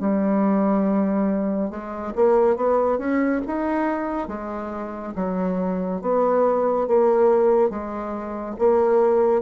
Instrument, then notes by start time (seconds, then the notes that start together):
bassoon
0.00 G3
1.71 G#3
2.16 A#3
2.57 B3
2.98 C#4
3.47 D#4
4.28 G#3
5.16 F#3
6.02 B3
6.88 A#3
7.70 G#3
8.59 A#3